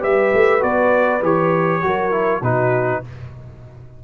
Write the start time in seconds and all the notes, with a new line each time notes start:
0.00 G3 G4 B4 E5
0.33 A3
0.60 B3 F#4 D5
1.22 E3 G4 C#5
1.82 F#3 F#4 A#4
2.11 E4
2.41 B2 D#4 F#4 B4